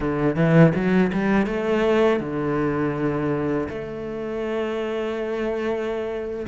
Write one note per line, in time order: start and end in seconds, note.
0.00 0.35 D3
0.35 0.72 E3
0.74 1.11 F#3
1.12 1.46 G3
1.46 2.20 A3
2.20 3.68 D3
3.68 6.46 A3